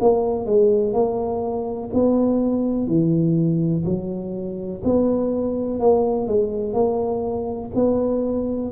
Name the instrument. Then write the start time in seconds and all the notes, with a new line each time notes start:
tuba
0.00 A#3
0.45 G#3
0.93 A#3
1.94 B3
2.87 E3
3.85 F#3
4.84 B3
5.79 A#3
6.27 G#3
6.73 A#3
7.75 B3